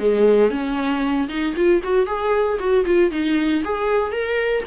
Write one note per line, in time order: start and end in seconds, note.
0.00 0.51 G#3
0.51 1.29 C#4
1.29 1.55 D#4
1.57 1.82 F4
1.84 2.07 F#4
2.07 2.59 G#4
2.60 2.86 F#4
2.86 3.12 F4
3.12 3.63 D#4
3.65 4.12 G#4
4.12 4.64 A#4